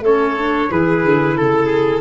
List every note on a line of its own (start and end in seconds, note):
0.00 0.67 A3
0.00 0.37 C#4
0.00 0.70 A4
0.00 0.71 C#5
0.37 0.70 D4
0.70 1.03 E3
0.70 2.01 E4
0.70 1.37 G#4
0.70 1.37 B4
1.03 1.37 D3
1.37 2.01 C#3
1.37 2.01 A4
1.37 1.66 A4
1.66 2.00 G#4